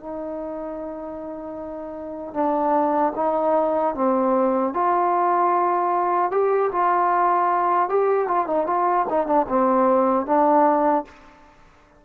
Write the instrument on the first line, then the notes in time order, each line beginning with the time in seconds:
trombone
0.00 D#4
2.34 D4
3.16 D#4
3.95 C4
4.74 F4
6.32 G4
6.72 F4
7.89 G4
8.28 F4
8.47 D#4
8.67 F4
9.10 D#4
9.27 D4
9.49 C4
10.26 D4